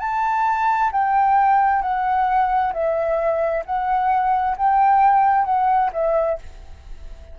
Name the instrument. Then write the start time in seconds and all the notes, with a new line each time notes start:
flute
0.00 A5
0.93 G5
1.83 F#5
2.74 E5
3.66 F#5
4.58 G5
5.45 F#5
5.93 E5